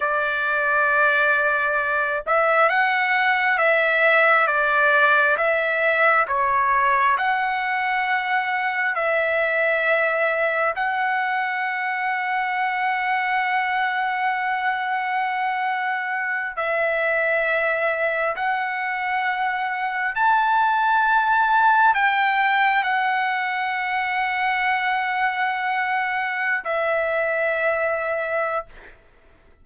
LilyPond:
\new Staff \with { instrumentName = "trumpet" } { \time 4/4 \tempo 4 = 67 d''2~ d''8 e''8 fis''4 | e''4 d''4 e''4 cis''4 | fis''2 e''2 | fis''1~ |
fis''2~ fis''8 e''4.~ | e''8 fis''2 a''4.~ | a''8 g''4 fis''2~ fis''8~ | fis''4.~ fis''16 e''2~ e''16 | }